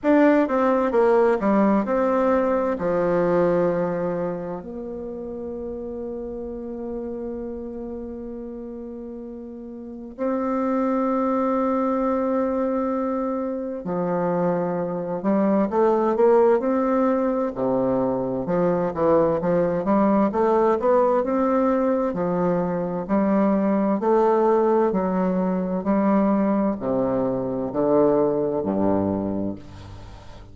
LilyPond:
\new Staff \with { instrumentName = "bassoon" } { \time 4/4 \tempo 4 = 65 d'8 c'8 ais8 g8 c'4 f4~ | f4 ais2.~ | ais2. c'4~ | c'2. f4~ |
f8 g8 a8 ais8 c'4 c4 | f8 e8 f8 g8 a8 b8 c'4 | f4 g4 a4 fis4 | g4 c4 d4 g,4 | }